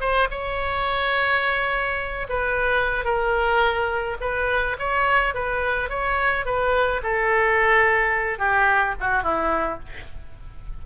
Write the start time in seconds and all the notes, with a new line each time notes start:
0.00 C5
0.30 C#5
2.29 B4
3.05 A#4
4.20 B4
4.79 C#5
5.34 B4
5.89 C#5
6.45 B4
7.03 A4
8.39 G4
9.00 F#4
9.23 E4